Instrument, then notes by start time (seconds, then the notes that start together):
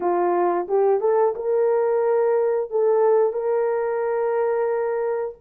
horn
0.00 F4
0.67 G4
1.00 A4
1.35 A#4
2.70 A4
3.32 A#4